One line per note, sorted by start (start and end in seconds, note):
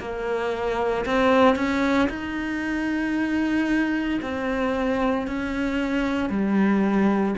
0.00 1.05 A#3
1.05 1.56 C4
1.56 2.08 C#4
2.09 4.20 D#4
4.22 5.27 C4
5.27 6.30 C#4
6.30 7.35 G3